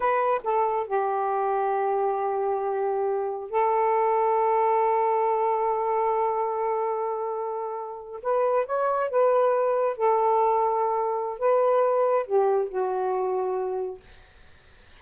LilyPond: \new Staff \with { instrumentName = "saxophone" } { \time 4/4 \tempo 4 = 137 b'4 a'4 g'2~ | g'1 | a'1~ | a'1~ |
a'2~ a'8. b'4 cis''16~ | cis''8. b'2 a'4~ a'16~ | a'2 b'2 | g'4 fis'2. | }